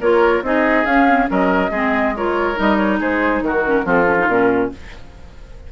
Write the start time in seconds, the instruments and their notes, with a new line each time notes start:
0.00 bassoon A#3, clarinet F4, oboe A#4, flute C#5
0.42 bassoon C4, clarinet D#4, oboe G#4, flute D#5
0.85 bassoon C#4, clarinet C#4, flute F5
1.07 clarinet C4
1.26 bassoon F#3, clarinet C#4, oboe A#4, flute D#5
1.70 bassoon G#3, clarinet C4, oboe G#4
2.16 clarinet F4, oboe A#4, flute C#5
2.55 bassoon G3, clarinet D#4, flute D#5
2.76 flute C#5
2.99 bassoon G#3, oboe G#4, flute C5
3.41 bassoon D#3, oboe F#4, flute A#4
3.66 clarinet C#4
3.83 bassoon F3, clarinet C4, oboe F4, flute A4
4.06 clarinet C#4
4.18 clarinet D#4
4.28 bassoon A#2, clarinet C#4, flute A#4